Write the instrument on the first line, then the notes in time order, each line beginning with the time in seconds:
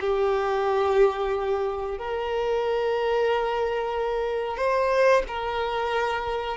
violin
0.00 G4
1.98 A#4
4.57 C5
5.27 A#4